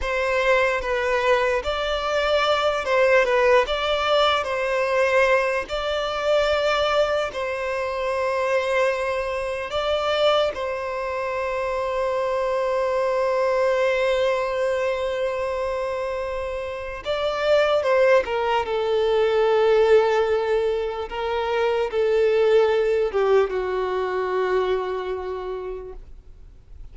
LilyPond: \new Staff \with { instrumentName = "violin" } { \time 4/4 \tempo 4 = 74 c''4 b'4 d''4. c''8 | b'8 d''4 c''4. d''4~ | d''4 c''2. | d''4 c''2.~ |
c''1~ | c''4 d''4 c''8 ais'8 a'4~ | a'2 ais'4 a'4~ | a'8 g'8 fis'2. | }